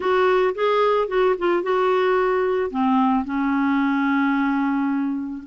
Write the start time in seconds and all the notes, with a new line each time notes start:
0.00 F#4
0.54 G#4
1.08 F#4
1.38 F4
1.62 F#4
2.70 C4
3.25 C#4